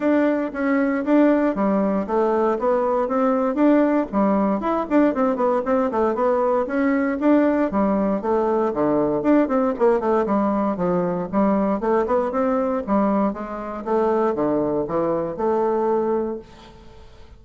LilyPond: \new Staff \with { instrumentName = "bassoon" } { \time 4/4 \tempo 4 = 117 d'4 cis'4 d'4 g4 | a4 b4 c'4 d'4 | g4 e'8 d'8 c'8 b8 c'8 a8 | b4 cis'4 d'4 g4 |
a4 d4 d'8 c'8 ais8 a8 | g4 f4 g4 a8 b8 | c'4 g4 gis4 a4 | d4 e4 a2 | }